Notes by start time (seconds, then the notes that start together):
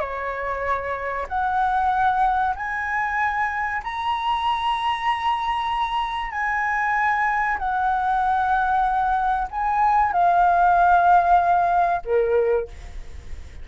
0.00 C#5
1.28 F#5
2.55 G#5
3.84 A#5
6.31 G#5
7.58 F#5
9.51 G#5
10.12 F5
12.04 A#4